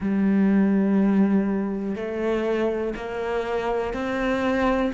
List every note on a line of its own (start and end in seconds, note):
0.00 1.95 G3
1.95 2.94 A3
2.96 3.93 A#3
3.93 4.92 C4